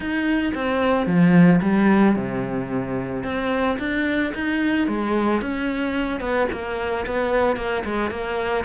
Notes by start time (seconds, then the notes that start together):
0.00 D#4
0.54 C4
1.06 F3
1.61 G3
2.15 C3
3.23 C4
3.78 D4
4.34 D#4
4.87 G#3
5.41 C#4
6.20 B3
6.52 A#3
7.06 B3
7.56 A#3
7.84 G#3
8.10 A#3